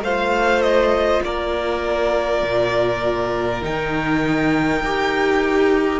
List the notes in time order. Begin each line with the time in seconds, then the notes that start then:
0.00 A3 F4 C5 F5
0.61 D#5
1.23 A#3 A#4 D5
2.43 A#2
3.62 D#3 D#4 G5
4.81 D#4 G4